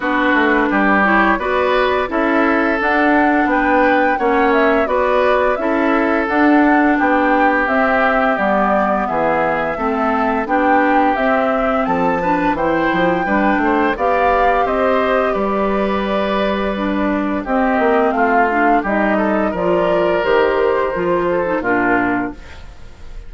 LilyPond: <<
  \new Staff \with { instrumentName = "flute" } { \time 4/4 \tempo 4 = 86 b'4. cis''8 d''4 e''4 | fis''4 g''4 fis''8 e''8 d''4 | e''4 fis''4 g''4 e''4 | d''4 e''2 g''4 |
e''4 a''4 g''2 | f''4 dis''4 d''2~ | d''4 dis''4 f''4 dis''4 | d''4 c''2 ais'4 | }
  \new Staff \with { instrumentName = "oboe" } { \time 4/4 fis'4 g'4 b'4 a'4~ | a'4 b'4 cis''4 b'4 | a'2 g'2~ | g'4 gis'4 a'4 g'4~ |
g'4 a'8 b'8 c''4 b'8 c''8 | d''4 c''4 b'2~ | b'4 g'4 f'4 g'8 a'8 | ais'2~ ais'8 a'8 f'4 | }
  \new Staff \with { instrumentName = "clarinet" } { \time 4/4 d'4. e'8 fis'4 e'4 | d'2 cis'4 fis'4 | e'4 d'2 c'4 | b2 c'4 d'4 |
c'4. d'8 e'4 d'4 | g'1 | d'4 c'4. d'8 dis'4 | f'4 g'4 f'8. dis'16 d'4 | }
  \new Staff \with { instrumentName = "bassoon" } { \time 4/4 b8 a8 g4 b4 cis'4 | d'4 b4 ais4 b4 | cis'4 d'4 b4 c'4 | g4 e4 a4 b4 |
c'4 f4 e8 f8 g8 a8 | b4 c'4 g2~ | g4 c'8 ais8 a4 g4 | f4 dis4 f4 ais,4 | }
>>